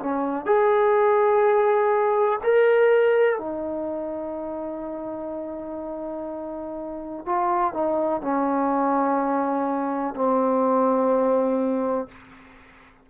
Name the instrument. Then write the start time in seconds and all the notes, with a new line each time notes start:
trombone
0.00 C#4
0.46 G#4
2.44 A#4
3.39 D#4
7.26 F4
7.74 D#4
8.22 C#4
10.15 C4